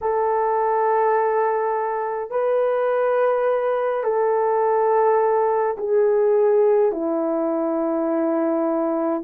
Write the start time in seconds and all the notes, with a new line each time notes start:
0.01 A4
2.30 B4
4.03 A4
5.77 G#4
6.92 E4